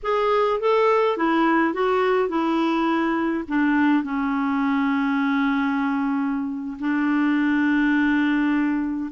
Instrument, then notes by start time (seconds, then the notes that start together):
clarinet
0.03 G#4
0.60 A4
1.17 E4
1.73 F#4
2.28 E4
3.47 D4
4.03 C#4
6.79 D4